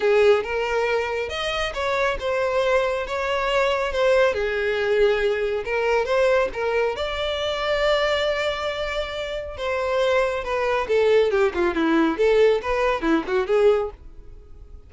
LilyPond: \new Staff \with { instrumentName = "violin" } { \time 4/4 \tempo 4 = 138 gis'4 ais'2 dis''4 | cis''4 c''2 cis''4~ | cis''4 c''4 gis'2~ | gis'4 ais'4 c''4 ais'4 |
d''1~ | d''2 c''2 | b'4 a'4 g'8 f'8 e'4 | a'4 b'4 e'8 fis'8 gis'4 | }